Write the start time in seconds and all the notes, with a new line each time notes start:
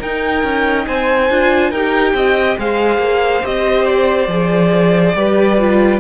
0.00 D#4 A#4 G5
0.43 C#4
0.87 C4 C5 G#5
1.30 D4 F4
1.71 D#4 G4 A#4 G5
2.14 C4 D#5
2.59 G#3 G#4 C5 F5
2.98 A#3
3.42 C4 G4 D#5
3.86 D5
4.27 F3 G#4
5.15 G3 G4 B4
5.57 F4